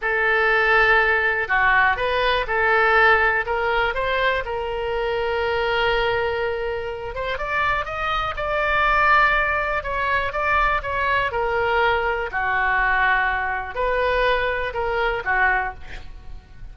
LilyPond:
\new Staff \with { instrumentName = "oboe" } { \time 4/4 \tempo 4 = 122 a'2. fis'4 | b'4 a'2 ais'4 | c''4 ais'2.~ | ais'2~ ais'8 c''8 d''4 |
dis''4 d''2. | cis''4 d''4 cis''4 ais'4~ | ais'4 fis'2. | b'2 ais'4 fis'4 | }